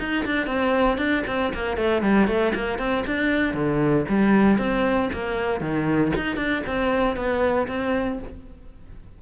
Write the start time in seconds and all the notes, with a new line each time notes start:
0.00 D#4
0.26 D4
0.47 C4
0.98 D4
1.28 C4
1.54 A#3
1.77 A3
2.03 G3
2.28 A3
2.55 A#3
2.79 C4
3.07 D4
3.55 D3
4.09 G3
4.59 C4
5.14 A#3
5.61 D#3
6.17 D#4
6.37 D4
6.67 C4
7.17 B3
7.68 C4